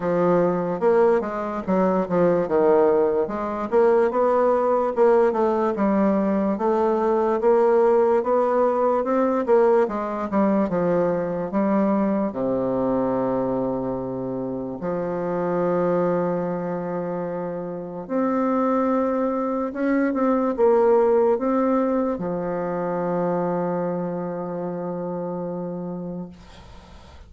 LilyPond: \new Staff \with { instrumentName = "bassoon" } { \time 4/4 \tempo 4 = 73 f4 ais8 gis8 fis8 f8 dis4 | gis8 ais8 b4 ais8 a8 g4 | a4 ais4 b4 c'8 ais8 | gis8 g8 f4 g4 c4~ |
c2 f2~ | f2 c'2 | cis'8 c'8 ais4 c'4 f4~ | f1 | }